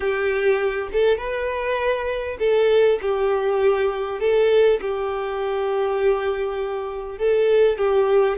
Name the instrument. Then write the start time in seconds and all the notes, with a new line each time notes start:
violin
0.00 G4
0.92 A4
1.17 B4
2.39 A4
3.01 G4
4.20 A4
4.81 G4
7.18 A4
7.78 G4